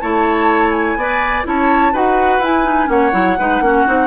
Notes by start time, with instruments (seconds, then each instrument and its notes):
0.00 bassoon A3, clarinet E4, oboe C#5, flute A5
0.71 flute G#5
0.96 bassoon B3, clarinet B4, oboe D5
1.44 bassoon C#4, clarinet E4, oboe C#5, flute A5
1.93 bassoon D#4, clarinet F#4, oboe B4, flute F#5
2.39 bassoon E4, clarinet E4, flute G#5
2.64 clarinet D#4
2.87 bassoon A#3, clarinet C#4, oboe C#5, flute F#5
3.12 bassoon F#3, clarinet E4
3.39 bassoon G#3, clarinet D#4, oboe B4
3.60 bassoon A#3, clarinet C#4, oboe F#4
3.87 bassoon C4, clarinet D#4